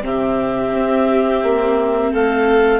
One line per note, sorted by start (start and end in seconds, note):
0.00 0.72 C3
0.00 2.79 C4
0.00 2.12 G4
0.00 2.13 E5
0.72 1.42 C4
1.42 2.12 A#3
2.12 2.80 A3
2.12 2.80 A4
2.12 2.80 F5